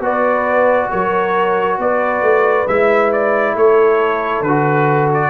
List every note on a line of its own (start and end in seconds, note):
0.00 0.88 B3
0.00 2.67 F#4
0.00 0.90 B4
0.00 0.91 D5
0.91 1.79 F#3
0.91 1.79 A#4
0.91 1.79 C#5
1.79 2.22 B3
1.79 3.57 B4
1.79 2.68 D5
2.22 2.66 A3
2.68 3.55 G#3
2.68 4.46 E4
2.68 3.12 E5
3.13 3.57 D5
3.55 4.42 A3
3.55 5.30 A4
3.55 4.43 C#5
4.42 5.30 D3
4.42 5.10 B4
4.48 5.30 F#4
5.14 5.30 D5